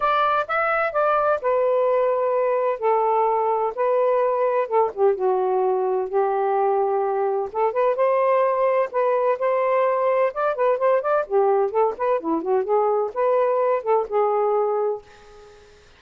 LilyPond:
\new Staff \with { instrumentName = "saxophone" } { \time 4/4 \tempo 4 = 128 d''4 e''4 d''4 b'4~ | b'2 a'2 | b'2 a'8 g'8 fis'4~ | fis'4 g'2. |
a'8 b'8 c''2 b'4 | c''2 d''8 b'8 c''8 d''8 | g'4 a'8 b'8 e'8 fis'8 gis'4 | b'4. a'8 gis'2 | }